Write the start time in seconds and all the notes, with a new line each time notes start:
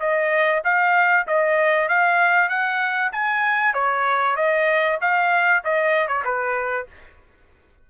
0.00 D#5
0.64 F5
1.28 D#5
1.89 F5
2.49 F#5
3.12 G#5
3.74 C#5
4.36 D#5
5.01 F5
5.64 D#5
6.08 C#5
6.25 B4